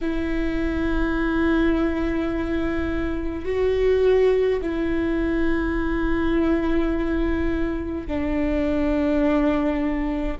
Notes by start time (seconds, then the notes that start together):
0.01 E4
3.45 F#4
4.61 E4
8.07 D4